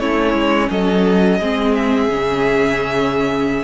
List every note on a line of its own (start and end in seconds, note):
0.00 0.34 A3
0.00 1.41 C#4
0.00 0.70 E4
0.00 0.70 C#5
0.34 0.69 G#3
0.71 1.40 F#3
0.71 1.40 A4
0.71 1.75 D#5
1.40 2.09 G#3
1.40 2.10 C4
1.40 3.64 G#4
1.75 3.64 E5
2.09 3.64 C#3
2.09 3.64 C#4